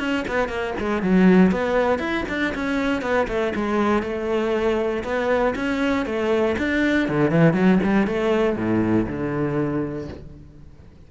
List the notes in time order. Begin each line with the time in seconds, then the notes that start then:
0.00 C#4
0.28 B3
0.49 A#3
0.80 G#3
1.03 F#3
1.52 B3
2.00 E4
2.29 D4
2.55 C#4
3.02 B3
3.28 A3
3.56 G#3
4.03 A3
5.04 B3
5.56 C#4
6.06 A3
6.59 D4
7.09 D3
7.31 E3
7.54 F#3
7.84 G3
8.07 A3
8.56 A2
9.08 D3